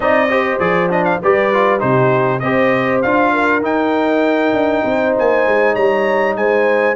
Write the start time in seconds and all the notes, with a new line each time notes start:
0.00 C4 D#4 D5 D#5
0.29 G4 C5
0.59 F3 G#4 D5
0.89 D4 D#5
1.04 F5
1.22 G3 G4 B4 D5
1.53 F4
1.79 C3 D#4 G4 C5
2.39 C4 G4 C5 D#5
3.02 D4 F4 F5
3.32 A#4
3.61 D#4 G5
4.53 D4
4.84 C4 C5
5.18 A#3 G#5
5.46 G#3
5.74 G3 C#5 A#5
6.35 G#3 C5 G#5